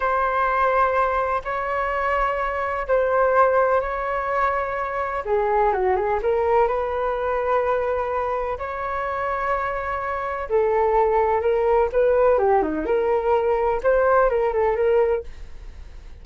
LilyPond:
\new Staff \with { instrumentName = "flute" } { \time 4/4 \tempo 4 = 126 c''2. cis''4~ | cis''2 c''2 | cis''2. gis'4 | fis'8 gis'8 ais'4 b'2~ |
b'2 cis''2~ | cis''2 a'2 | ais'4 b'4 g'8 dis'8 ais'4~ | ais'4 c''4 ais'8 a'8 ais'4 | }